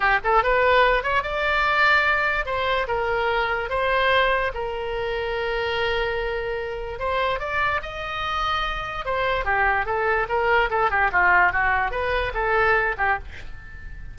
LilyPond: \new Staff \with { instrumentName = "oboe" } { \time 4/4 \tempo 4 = 146 g'8 a'8 b'4. cis''8 d''4~ | d''2 c''4 ais'4~ | ais'4 c''2 ais'4~ | ais'1~ |
ais'4 c''4 d''4 dis''4~ | dis''2 c''4 g'4 | a'4 ais'4 a'8 g'8 f'4 | fis'4 b'4 a'4. g'8 | }